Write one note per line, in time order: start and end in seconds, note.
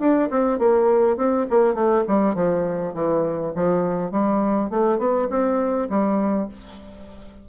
0.00 0.29 D4
0.31 0.59 C4
0.59 1.17 A#3
1.17 1.46 C4
1.50 1.75 A#3
1.75 2.04 A3
2.08 2.35 G3
2.35 2.94 F3
2.94 3.53 E3
3.55 4.12 F3
4.12 4.71 G3
4.71 4.99 A3
4.99 5.28 B3
5.30 5.89 C4
5.90 6.49 G3